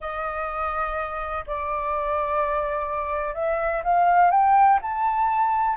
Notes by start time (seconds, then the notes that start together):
0.00 D#5
1.46 D5
3.34 E5
3.83 F5
4.31 G5
4.82 A5